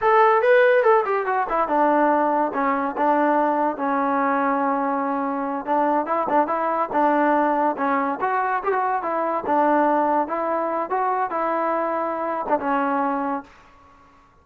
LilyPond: \new Staff \with { instrumentName = "trombone" } { \time 4/4 \tempo 4 = 143 a'4 b'4 a'8 g'8 fis'8 e'8 | d'2 cis'4 d'4~ | d'4 cis'2.~ | cis'4. d'4 e'8 d'8 e'8~ |
e'8 d'2 cis'4 fis'8~ | fis'8 g'16 fis'8. e'4 d'4.~ | d'8 e'4. fis'4 e'4~ | e'4.~ e'16 d'16 cis'2 | }